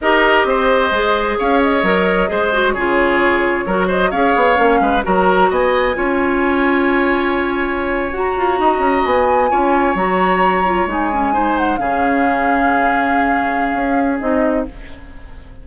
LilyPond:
<<
  \new Staff \with { instrumentName = "flute" } { \time 4/4 \tempo 4 = 131 dis''2. f''8 dis''8~ | dis''2 cis''2~ | cis''8 dis''8 f''2 ais''4 | gis''1~ |
gis''4.~ gis''16 ais''2 gis''16~ | gis''4.~ gis''16 ais''2 gis''16~ | gis''4~ gis''16 fis''8 f''2~ f''16~ | f''2. dis''4 | }
  \new Staff \with { instrumentName = "oboe" } { \time 4/4 ais'4 c''2 cis''4~ | cis''4 c''4 gis'2 | ais'8 c''8 cis''4. b'8 ais'4 | dis''4 cis''2.~ |
cis''2~ cis''8. dis''4~ dis''16~ | dis''8. cis''2.~ cis''16~ | cis''8. c''4 gis'2~ gis'16~ | gis'1 | }
  \new Staff \with { instrumentName = "clarinet" } { \time 4/4 g'2 gis'2 | ais'4 gis'8 fis'8 f'2 | fis'4 gis'4 cis'4 fis'4~ | fis'4 f'2.~ |
f'4.~ f'16 fis'2~ fis'16~ | fis'8. f'4 fis'4. f'8 dis'16~ | dis'16 cis'8 dis'4 cis'2~ cis'16~ | cis'2. dis'4 | }
  \new Staff \with { instrumentName = "bassoon" } { \time 4/4 dis'4 c'4 gis4 cis'4 | fis4 gis4 cis2 | fis4 cis'8 b8 ais8 gis8 fis4 | b4 cis'2.~ |
cis'4.~ cis'16 fis'8 f'8 dis'8 cis'8 b16~ | b8. cis'4 fis2 gis16~ | gis4.~ gis16 cis2~ cis16~ | cis2 cis'4 c'4 | }
>>